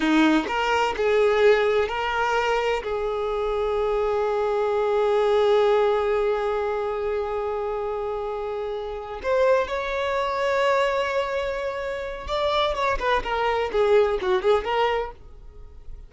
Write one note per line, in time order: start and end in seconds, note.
0.00 0.45 D#4
0.47 0.94 A#4
0.96 1.88 G#4
1.88 2.83 A#4
2.83 9.20 G#4
9.23 9.67 C5
9.67 12.27 C#5
12.27 12.74 D5
12.74 12.98 C#5
12.99 13.22 B4
13.23 13.70 A#4
13.72 14.19 G#4
14.21 14.42 F#4
14.42 14.64 G#4
14.64 15.11 A#4